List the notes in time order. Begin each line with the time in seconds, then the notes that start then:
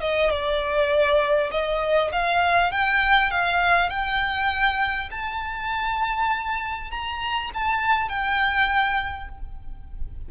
0.00 D#5
0.30 D5
1.51 D#5
2.12 F5
2.71 G5
3.30 F5
3.89 G5
5.10 A5
6.90 A#5
7.54 A5
8.08 G5